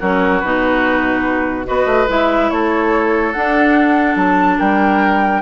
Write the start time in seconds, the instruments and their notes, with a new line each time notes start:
0.00 bassoon F#3, clarinet C#4, oboe F#4, flute A#4
0.40 bassoon B2, clarinet D#4, flute B4
1.65 bassoon B3, clarinet F#4, oboe B4, flute D#5
1.86 bassoon A3
2.08 bassoon G#3, clarinet E4, flute E5
2.50 bassoon A3, oboe A4, flute C#5
3.33 clarinet D4, bassoon D4, flute F#5
4.16 bassoon F#3, flute A5
4.59 bassoon G3, oboe A#4, flute G5